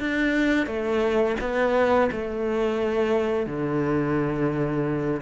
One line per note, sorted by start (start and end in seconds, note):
0.00 0.67 D4
0.67 1.36 A3
1.41 2.11 B3
2.12 3.47 A3
3.47 5.21 D3